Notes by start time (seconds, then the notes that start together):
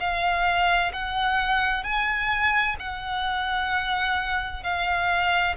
0.00 F5
0.93 F#5
1.84 G#5
2.79 F#5
4.64 F5